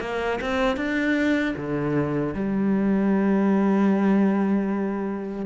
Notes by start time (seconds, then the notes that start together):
0.00 A#3
0.41 C4
0.77 D4
1.56 D3
2.34 G3